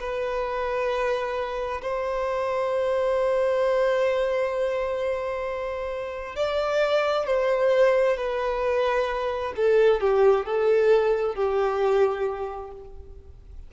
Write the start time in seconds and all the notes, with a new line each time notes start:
0.00 B4
1.82 C5
6.36 D5
7.27 C5
8.17 B4
9.57 A4
10.01 G4
10.45 A4
11.35 G4